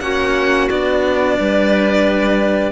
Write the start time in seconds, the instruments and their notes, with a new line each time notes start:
0.00 cello A#3 C#4, clarinet F#4, violin F#5
0.69 cello B3 D4, violin D5
1.38 cello G3, clarinet B4